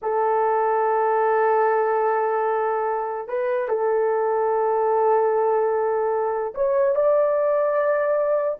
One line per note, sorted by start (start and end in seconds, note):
0.01 3.28 A4
3.28 3.68 B4
3.68 6.54 A4
6.54 6.95 C#5
6.95 8.58 D5